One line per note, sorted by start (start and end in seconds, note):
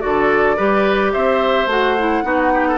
0.00 0.58 D3
0.00 0.56 F#4
0.00 0.56 A4
0.00 1.11 D5
0.56 1.14 G3
0.56 1.68 G4
0.56 1.12 B4
1.12 1.66 C4
1.12 2.24 C5
1.12 1.68 E5
1.66 2.22 A3
1.66 1.97 F#4
1.66 2.78 F#5
1.98 2.23 E4
2.23 2.78 B3
2.23 2.78 D#4
2.23 2.52 F#4
2.53 2.67 G4
2.67 2.78 A4